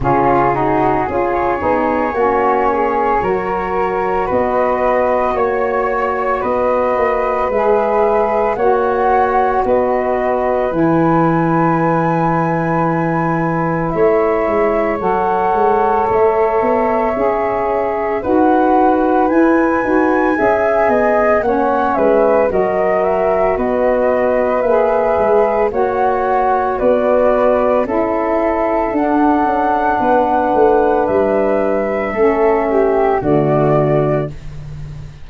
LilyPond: <<
  \new Staff \with { instrumentName = "flute" } { \time 4/4 \tempo 4 = 56 gis'4~ gis'16 cis''2~ cis''8. | dis''4 cis''4 dis''4 e''4 | fis''4 dis''4 gis''2~ | gis''4 e''4 fis''4 e''4~ |
e''4 fis''4 gis''2 | fis''8 e''8 dis''8 e''8 dis''4 e''4 | fis''4 d''4 e''4 fis''4~ | fis''4 e''2 d''4 | }
  \new Staff \with { instrumentName = "flute" } { \time 4/4 f'8 fis'8 gis'4 fis'8 gis'8 ais'4 | b'4 cis''4 b'2 | cis''4 b'2.~ | b'4 cis''2.~ |
cis''4 b'2 e''8 dis''8 | cis''8 b'8 ais'4 b'2 | cis''4 b'4 a'2 | b'2 a'8 g'8 fis'4 | }
  \new Staff \with { instrumentName = "saxophone" } { \time 4/4 cis'8 dis'8 f'8 dis'8 cis'4 fis'4~ | fis'2. gis'4 | fis'2 e'2~ | e'2 a'2 |
gis'4 fis'4 e'8 fis'8 gis'4 | cis'4 fis'2 gis'4 | fis'2 e'4 d'4~ | d'2 cis'4 a4 | }
  \new Staff \with { instrumentName = "tuba" } { \time 4/4 cis4 cis'8 b8 ais4 fis4 | b4 ais4 b8 ais8 gis4 | ais4 b4 e2~ | e4 a8 gis8 fis8 gis8 a8 b8 |
cis'4 dis'4 e'8 dis'8 cis'8 b8 | ais8 gis8 fis4 b4 ais8 gis8 | ais4 b4 cis'4 d'8 cis'8 | b8 a8 g4 a4 d4 | }
>>